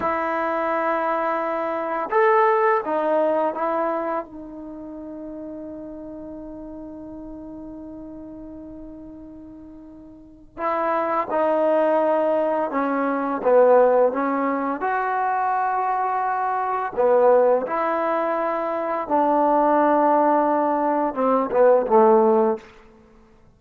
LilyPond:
\new Staff \with { instrumentName = "trombone" } { \time 4/4 \tempo 4 = 85 e'2. a'4 | dis'4 e'4 dis'2~ | dis'1~ | dis'2. e'4 |
dis'2 cis'4 b4 | cis'4 fis'2. | b4 e'2 d'4~ | d'2 c'8 b8 a4 | }